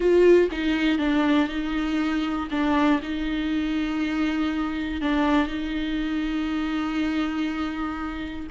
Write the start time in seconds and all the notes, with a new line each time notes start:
0.00 F4
0.51 D#4
0.98 D4
1.48 D#4
2.50 D4
3.02 D#4
5.01 D4
5.47 D#4